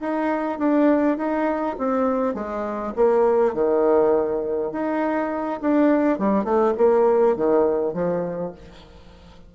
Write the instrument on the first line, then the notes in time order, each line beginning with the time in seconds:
bassoon
0.00 D#4
0.59 D4
1.18 D#4
1.78 C4
2.34 G#3
2.96 A#3
3.54 D#3
4.72 D#4
5.61 D4
6.19 G3
6.44 A3
6.78 A#3
7.36 D#3
7.94 F3